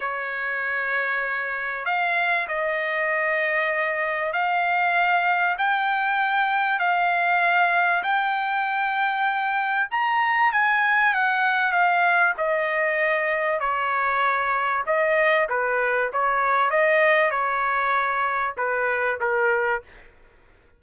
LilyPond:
\new Staff \with { instrumentName = "trumpet" } { \time 4/4 \tempo 4 = 97 cis''2. f''4 | dis''2. f''4~ | f''4 g''2 f''4~ | f''4 g''2. |
ais''4 gis''4 fis''4 f''4 | dis''2 cis''2 | dis''4 b'4 cis''4 dis''4 | cis''2 b'4 ais'4 | }